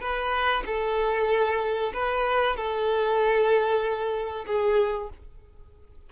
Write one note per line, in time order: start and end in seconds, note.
0.00 0.63 B4
0.66 1.92 A4
1.93 2.56 B4
2.56 4.45 A4
4.46 5.09 G#4